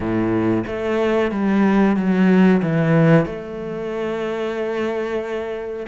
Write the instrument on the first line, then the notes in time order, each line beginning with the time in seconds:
cello
0.00 A2
0.66 A3
1.31 G3
1.96 F#3
2.62 E3
3.25 A3